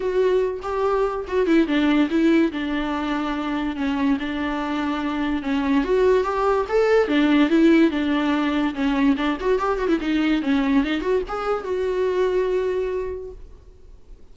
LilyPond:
\new Staff \with { instrumentName = "viola" } { \time 4/4 \tempo 4 = 144 fis'4. g'4. fis'8 e'8 | d'4 e'4 d'2~ | d'4 cis'4 d'2~ | d'4 cis'4 fis'4 g'4 |
a'4 d'4 e'4 d'4~ | d'4 cis'4 d'8 fis'8 g'8 fis'16 e'16 | dis'4 cis'4 dis'8 fis'8 gis'4 | fis'1 | }